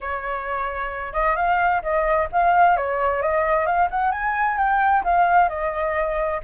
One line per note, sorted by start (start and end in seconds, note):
0.00 1.13 C#5
1.13 1.36 D#5
1.36 1.82 F5
1.82 2.28 D#5
2.32 2.76 F5
2.76 3.22 C#5
3.22 3.66 D#5
3.66 3.88 F5
3.90 4.11 F#5
4.11 4.57 G#5
4.57 5.03 G5
5.04 5.48 F5
5.48 6.40 D#5